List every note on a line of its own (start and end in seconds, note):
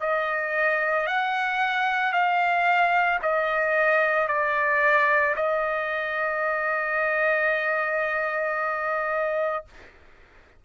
0.00 1.07 D#5
1.07 2.12 F#5
2.12 3.19 F5
3.22 4.28 D#5
4.28 5.35 D5
5.36 9.64 D#5